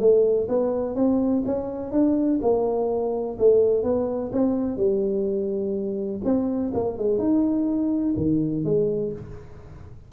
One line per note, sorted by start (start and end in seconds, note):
0.00 0.48 A3
0.49 0.96 B3
0.96 1.44 C4
1.46 1.92 C#4
1.92 2.40 D4
2.42 3.38 A#3
3.39 3.84 A3
3.84 4.32 B3
4.33 4.77 C4
4.77 6.21 G3
6.25 6.73 C4
6.74 6.98 A#3
6.98 7.19 G#3
7.19 8.15 D#4
8.17 8.65 D#3
8.65 9.13 G#3